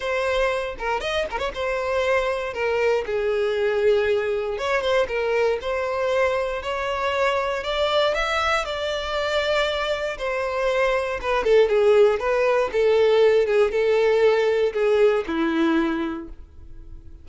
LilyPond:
\new Staff \with { instrumentName = "violin" } { \time 4/4 \tempo 4 = 118 c''4. ais'8 dis''8 ais'16 cis''16 c''4~ | c''4 ais'4 gis'2~ | gis'4 cis''8 c''8 ais'4 c''4~ | c''4 cis''2 d''4 |
e''4 d''2. | c''2 b'8 a'8 gis'4 | b'4 a'4. gis'8 a'4~ | a'4 gis'4 e'2 | }